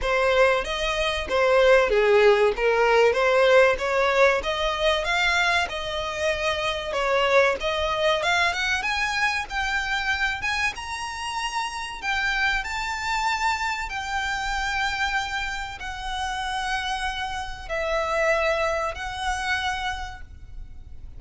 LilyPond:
\new Staff \with { instrumentName = "violin" } { \time 4/4 \tempo 4 = 95 c''4 dis''4 c''4 gis'4 | ais'4 c''4 cis''4 dis''4 | f''4 dis''2 cis''4 | dis''4 f''8 fis''8 gis''4 g''4~ |
g''8 gis''8 ais''2 g''4 | a''2 g''2~ | g''4 fis''2. | e''2 fis''2 | }